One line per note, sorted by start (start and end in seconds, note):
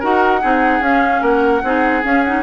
0.00 0.44 D#4
0.00 0.42 F#4
0.00 0.41 A#4
0.00 0.83 F#5
0.42 0.80 C4
0.42 0.82 D#4
0.42 1.22 G#4
0.80 1.21 C#4
0.80 1.63 C#4
0.80 1.23 F5
1.22 1.63 A#3
1.22 1.62 A#4
1.22 2.05 F#5
1.63 2.04 C4
1.63 2.03 D#4
1.63 2.44 G#4
2.03 2.23 C#4
2.03 2.44 C#4
2.03 2.24 F5
2.24 2.44 D#4
2.24 2.44 F#5